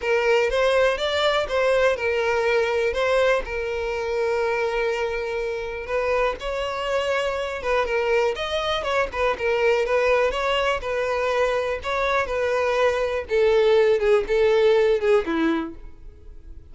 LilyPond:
\new Staff \with { instrumentName = "violin" } { \time 4/4 \tempo 4 = 122 ais'4 c''4 d''4 c''4 | ais'2 c''4 ais'4~ | ais'1 | b'4 cis''2~ cis''8 b'8 |
ais'4 dis''4 cis''8 b'8 ais'4 | b'4 cis''4 b'2 | cis''4 b'2 a'4~ | a'8 gis'8 a'4. gis'8 e'4 | }